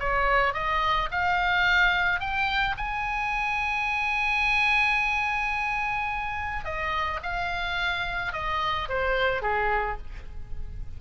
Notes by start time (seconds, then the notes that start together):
0.00 C#5
0.54 D#5
1.12 F5
2.20 G5
2.78 G#5
6.65 D#5
7.23 F5
8.33 D#5
8.89 C5
9.42 G#4